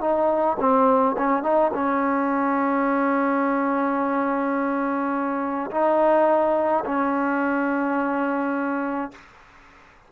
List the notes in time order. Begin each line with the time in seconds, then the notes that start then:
0.00 D#4
0.59 C4
1.17 C#4
1.43 D#4
1.74 C#4
5.71 D#4
6.85 C#4